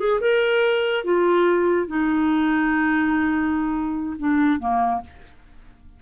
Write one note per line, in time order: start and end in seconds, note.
0.00 0.21 G#4
0.21 1.04 A#4
1.04 1.88 F4
1.88 4.17 D#4
4.19 4.60 D4
4.60 5.01 A#3